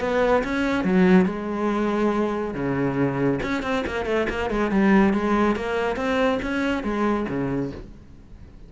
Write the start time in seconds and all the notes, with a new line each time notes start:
0.00 B3
0.44 C#4
0.84 F#3
1.26 G#3
2.54 C#3
3.42 C#4
3.63 C4
3.86 A#3
4.06 A3
4.29 A#3
4.50 G#3
4.71 G3
5.13 G#3
5.56 A#3
5.96 C4
6.42 C#4
6.83 G#3
7.29 C#3